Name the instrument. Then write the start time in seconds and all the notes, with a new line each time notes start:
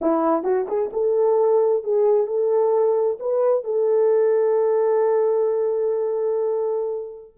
horn
0.01 E4
0.43 F#4
0.68 G#4
0.92 A4
1.83 G#4
2.26 A4
3.19 B4
3.64 A4